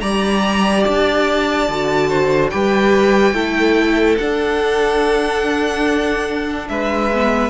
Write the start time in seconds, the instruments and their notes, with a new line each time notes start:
0.00 cello G3, viola G4, violin D5 A#5
0.85 cello D4, violin A5
1.69 cello D3, viola F#4
2.09 violin C5
2.50 cello G3, viola G4, violin B4 G5
3.33 cello A3, viola E4, violin A4
4.18 cello D4, viola D4, violin F#5
6.69 cello G#3, violin B4 E5
7.13 viola B3